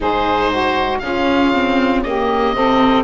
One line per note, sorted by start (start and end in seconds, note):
0.00 1.01 G#2
0.00 1.00 D#4
0.00 0.51 G#4
0.00 0.98 C5
0.51 1.01 F#4
0.98 2.53 C#3
0.98 1.53 C#4
0.98 2.04 F4
0.98 2.00 F5
1.53 2.04 C4
2.03 2.56 A#3
2.03 2.54 G4
2.03 3.03 D#5
2.53 3.03 C3
2.53 3.03 C4
2.53 3.03 A4